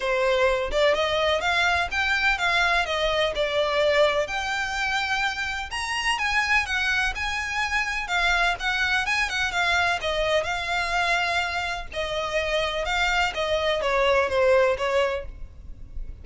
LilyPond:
\new Staff \with { instrumentName = "violin" } { \time 4/4 \tempo 4 = 126 c''4. d''8 dis''4 f''4 | g''4 f''4 dis''4 d''4~ | d''4 g''2. | ais''4 gis''4 fis''4 gis''4~ |
gis''4 f''4 fis''4 gis''8 fis''8 | f''4 dis''4 f''2~ | f''4 dis''2 f''4 | dis''4 cis''4 c''4 cis''4 | }